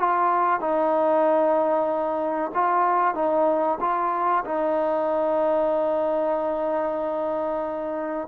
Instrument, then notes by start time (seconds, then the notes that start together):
trombone
0.00 F4
0.61 D#4
2.55 F4
3.15 D#4
3.81 F4
4.45 D#4